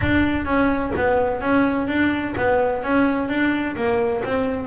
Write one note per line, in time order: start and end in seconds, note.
0.01 0.45 D4
0.45 0.92 C#4
0.96 1.40 B3
1.40 1.87 C#4
1.87 2.34 D4
2.37 2.83 B3
2.83 3.28 C#4
3.28 3.75 D4
3.76 4.23 A#3
4.24 4.66 C4